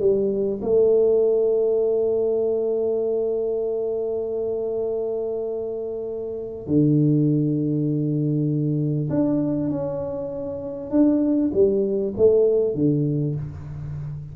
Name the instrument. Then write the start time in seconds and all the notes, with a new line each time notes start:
tuba
0.00 G3
0.62 A3
6.67 D3
9.10 D4
9.70 C#4
10.91 D4
11.53 G3
12.17 A3
12.75 D3